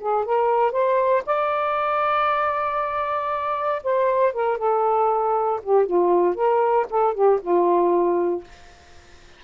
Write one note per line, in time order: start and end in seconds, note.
0.00 0.25 G#4
0.25 0.72 A#4
0.72 1.23 C5
1.26 3.83 D5
3.83 4.33 C5
4.33 4.58 A#4
4.58 5.60 A4
5.63 5.86 G4
5.86 6.35 F4
6.35 6.86 A#4
6.90 7.14 A4
7.14 7.40 G4
7.42 8.44 F4